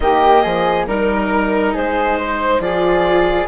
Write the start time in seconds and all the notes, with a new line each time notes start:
0.00 D#3 A#3 G4 D#5
0.42 F3 G#4
0.87 G3 D#4 A#4
1.73 G#3 G#4 C5
2.17 C5
2.59 F3 F4 G#4 D5